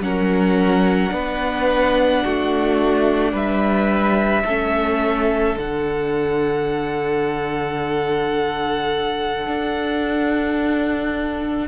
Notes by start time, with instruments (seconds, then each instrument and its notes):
0.00 cello F#3, viola C#4, violin A#4 F#5
1.11 cello B3, viola D4, violin B4
2.24 cello A3, violin F#4
3.32 cello G3, violin B4 E5
4.45 cello A3, viola C#4, violin A4
5.56 cello D3, viola D4, violin F#5
9.47 cello D4